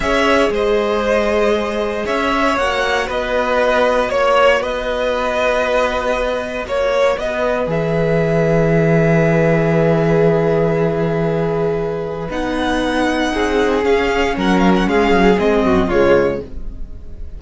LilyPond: <<
  \new Staff \with { instrumentName = "violin" } { \time 4/4 \tempo 4 = 117 e''4 dis''2. | e''4 fis''4 dis''2 | cis''4 dis''2.~ | dis''4 cis''4 dis''4 e''4~ |
e''1~ | e''1 | fis''2. f''4 | fis''8 f''16 fis''16 f''4 dis''4 cis''4 | }
  \new Staff \with { instrumentName = "violin" } { \time 4/4 cis''4 c''2. | cis''2 b'2 | cis''4 b'2.~ | b'4 cis''4 b'2~ |
b'1~ | b'1~ | b'2 gis'2 | ais'4 gis'4. fis'8 f'4 | }
  \new Staff \with { instrumentName = "viola" } { \time 4/4 gis'1~ | gis'4 fis'2.~ | fis'1~ | fis'2. gis'4~ |
gis'1~ | gis'1 | dis'2. cis'4~ | cis'2 c'4 gis4 | }
  \new Staff \with { instrumentName = "cello" } { \time 4/4 cis'4 gis2. | cis'4 ais4 b2 | ais4 b2.~ | b4 ais4 b4 e4~ |
e1~ | e1 | b2 c'4 cis'4 | fis4 gis8 fis8 gis8 fis,8 cis4 | }
>>